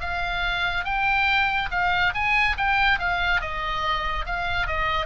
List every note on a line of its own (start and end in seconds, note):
0.00 0.85 F5
0.85 1.69 G5
1.71 2.14 F5
2.14 2.56 G#5
2.57 2.99 G5
2.99 3.41 F5
3.41 4.25 D#5
4.26 4.67 F5
4.67 5.06 D#5